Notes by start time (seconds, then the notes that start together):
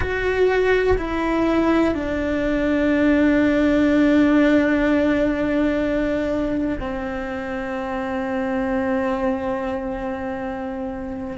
0.00 F#4
0.97 E4
1.94 D4
6.80 C4